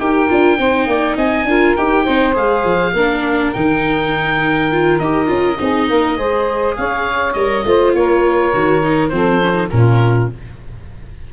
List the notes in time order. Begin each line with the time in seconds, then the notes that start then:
0.00 D#4 G4 A#4 G5
0.29 D4 F4
0.59 C4 D#4 C5
0.87 A#3 D5
1.17 C4 D#5 G#5
1.45 D4 F4 A#4
1.77 D#4 G4 G5
2.05 C4 D#4 C5
2.34 G#3 G#4 F5
2.65 F3
2.93 A#3 D4 A#4
3.53 D#3 D#4 G5
4.72 F4
5.00 D#4 G4 D#5
5.27 C#4 F4
5.60 C4 D#4 G#4
5.88 A#3 A#4
6.17 G#3 G#4 C5
6.77 C#4 C#5 F5
7.34 G3 A#4 D#5
7.65 A3 F4 C5
7.94 A#3 A#4 C#5
8.53 D#3 F#4
8.83 D#4
9.09 F3 C4 A4 C5
9.42 C#4
9.54 D#4
9.71 A#2 C#4 F4 A#4